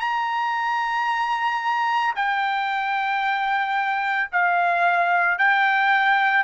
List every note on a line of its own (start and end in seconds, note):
0.00 2.14 A#5
2.16 4.30 G5
4.32 5.39 F5
5.39 6.44 G5